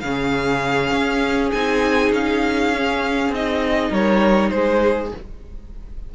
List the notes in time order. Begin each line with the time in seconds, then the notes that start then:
0.00 C#3 C#4 G#4 F5
0.92 C#4
1.51 C4 D#4 G#5
2.11 C#4 F5
2.74 C#4
3.29 C4 D#4 D#5
3.90 G3 A#4 C#5
4.50 G#3 G#4 C5